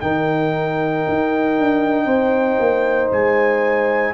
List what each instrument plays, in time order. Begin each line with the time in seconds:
0.00 tuba D#3, trombone D#4, horn A#4, trumpet G5
1.08 tuba D#4
1.58 tuba D4
2.05 tuba C4, horn C5
2.59 tuba A#3
3.11 tuba G#3, trumpet G#5